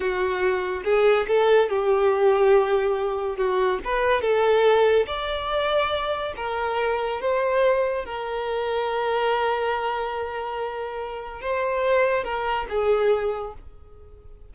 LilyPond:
\new Staff \with { instrumentName = "violin" } { \time 4/4 \tempo 4 = 142 fis'2 gis'4 a'4 | g'1 | fis'4 b'4 a'2 | d''2. ais'4~ |
ais'4 c''2 ais'4~ | ais'1~ | ais'2. c''4~ | c''4 ais'4 gis'2 | }